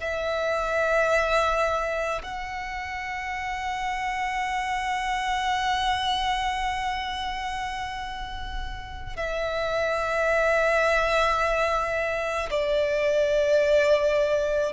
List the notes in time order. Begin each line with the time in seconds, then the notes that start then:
0.00 E5
2.23 F#5
9.17 E5
12.51 D5